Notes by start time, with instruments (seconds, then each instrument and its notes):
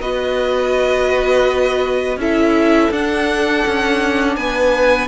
0.00 cello B3, viola F#4, violin B4 D#5
2.16 cello C#4, viola E4, violin A4 E5
2.91 cello D4, viola D4, violin F#5
3.67 cello C#4
4.36 cello B3, violin B4 G#5